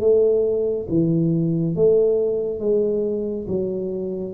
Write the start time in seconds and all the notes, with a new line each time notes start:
0.00 A3
0.89 E3
1.75 A3
2.60 G#3
3.47 F#3